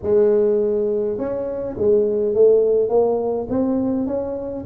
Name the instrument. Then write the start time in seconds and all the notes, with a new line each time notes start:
tuba
0.02 G#3
1.18 C#4
1.77 G#3
2.34 A3
2.89 A#3
3.49 C4
4.06 C#4